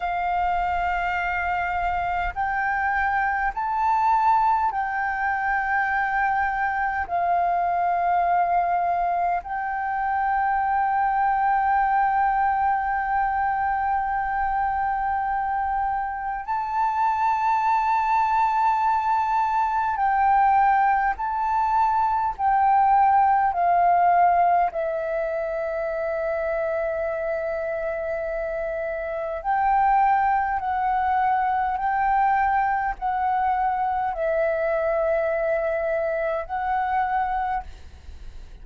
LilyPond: \new Staff \with { instrumentName = "flute" } { \time 4/4 \tempo 4 = 51 f''2 g''4 a''4 | g''2 f''2 | g''1~ | g''2 a''2~ |
a''4 g''4 a''4 g''4 | f''4 e''2.~ | e''4 g''4 fis''4 g''4 | fis''4 e''2 fis''4 | }